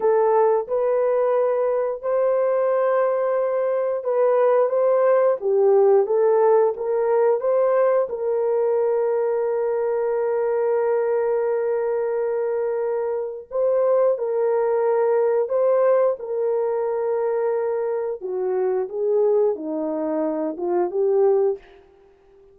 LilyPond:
\new Staff \with { instrumentName = "horn" } { \time 4/4 \tempo 4 = 89 a'4 b'2 c''4~ | c''2 b'4 c''4 | g'4 a'4 ais'4 c''4 | ais'1~ |
ais'1 | c''4 ais'2 c''4 | ais'2. fis'4 | gis'4 dis'4. f'8 g'4 | }